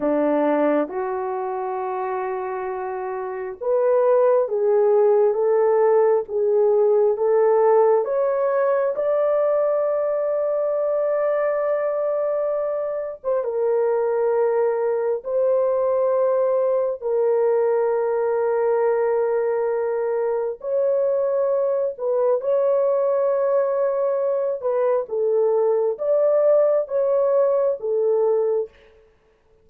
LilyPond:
\new Staff \with { instrumentName = "horn" } { \time 4/4 \tempo 4 = 67 d'4 fis'2. | b'4 gis'4 a'4 gis'4 | a'4 cis''4 d''2~ | d''2~ d''8. c''16 ais'4~ |
ais'4 c''2 ais'4~ | ais'2. cis''4~ | cis''8 b'8 cis''2~ cis''8 b'8 | a'4 d''4 cis''4 a'4 | }